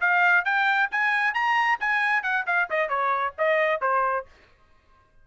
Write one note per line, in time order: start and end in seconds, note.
0.00 0.45 F5
0.45 0.89 G5
0.91 1.34 G#5
1.34 1.79 A#5
1.80 2.22 G#5
2.22 2.45 F#5
2.46 2.68 F5
2.70 2.88 D#5
2.88 3.33 C#5
3.38 3.81 D#5
3.81 4.26 C5